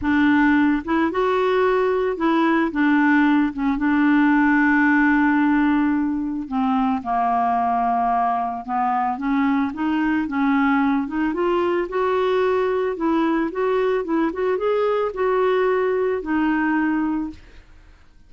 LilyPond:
\new Staff \with { instrumentName = "clarinet" } { \time 4/4 \tempo 4 = 111 d'4. e'8 fis'2 | e'4 d'4. cis'8 d'4~ | d'1 | c'4 ais2. |
b4 cis'4 dis'4 cis'4~ | cis'8 dis'8 f'4 fis'2 | e'4 fis'4 e'8 fis'8 gis'4 | fis'2 dis'2 | }